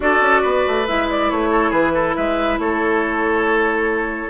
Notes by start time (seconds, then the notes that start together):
0.00 D4 F#4 A4 D5
0.21 C#4
0.41 B3 B4
0.67 A3
0.87 G#3 E4 E5
1.10 D5
1.30 A3 C#5
1.50 A4
1.70 E3 G#4 B4
1.94 A4
2.15 G#3 B4 E5
2.58 A3 A4 C#5